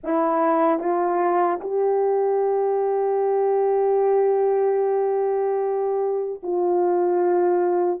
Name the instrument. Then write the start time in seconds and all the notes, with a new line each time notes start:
horn
0.03 E4
0.79 F4
1.60 G4
6.42 F4